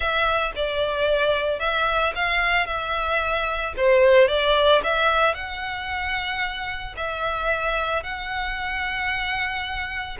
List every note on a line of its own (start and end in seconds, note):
0.00 0.52 E5
0.55 1.59 D5
1.59 2.13 E5
2.15 2.66 F5
2.66 3.73 E5
3.76 4.28 C5
4.28 4.81 D5
4.83 5.34 E5
5.34 6.95 F#5
6.96 8.03 E5
8.03 10.17 F#5